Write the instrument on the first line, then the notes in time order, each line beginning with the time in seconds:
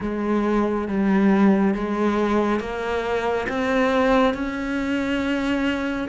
cello
0.00 G#3
0.87 G3
1.74 G#3
2.59 A#3
3.48 C4
4.34 C#4